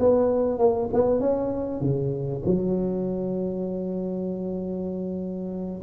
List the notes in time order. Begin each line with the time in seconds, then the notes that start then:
0.00 B3
0.59 A#3
0.93 B3
1.20 C#4
1.81 C#3
2.46 F#3